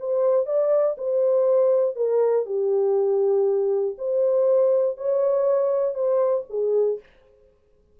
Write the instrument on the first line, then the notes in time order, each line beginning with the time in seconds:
horn
0.00 C5
0.47 D5
0.98 C5
1.96 A#4
2.46 G4
3.98 C5
4.97 C#5
5.95 C5
6.50 G#4